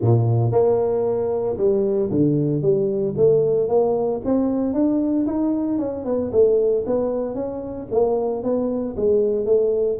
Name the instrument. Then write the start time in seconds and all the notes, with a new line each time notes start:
tuba
0.01 A#2
0.51 A#3
1.57 G3
2.11 D3
2.61 G3
3.16 A3
3.68 A#3
4.24 C4
4.73 D4
5.26 D#4
5.78 C#4
6.05 B3
6.32 A3
6.86 B3
7.34 C#4
7.91 A#3
8.43 B3
8.96 G#3
9.45 A3